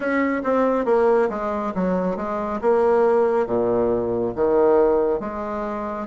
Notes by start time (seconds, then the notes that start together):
0.00 C#4
0.43 C4
0.85 A#3
1.29 G#3
1.74 F#3
2.16 G#3
2.61 A#3
3.46 A#2
4.35 D#3
5.20 G#3